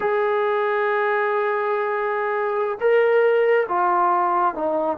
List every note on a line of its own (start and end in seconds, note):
0.00 2.78 G#4
2.80 3.67 A#4
3.68 4.54 F4
4.54 4.97 D#4